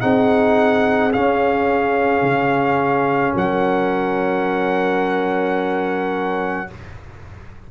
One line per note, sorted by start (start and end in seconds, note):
0.00 1.14 C4
0.00 1.11 D#4
0.00 3.33 G#4
0.00 1.11 F#5
1.12 6.67 C#4
1.12 2.21 C#4
1.12 3.34 F5
2.21 3.32 C#3
3.35 6.68 F#3
3.35 6.69 A#4
3.35 6.70 F#5